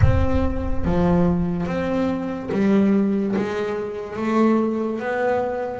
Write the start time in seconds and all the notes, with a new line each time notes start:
0.02 C4
0.84 F3
1.66 C4
2.51 G3
3.35 G#3
4.16 A3
4.99 B3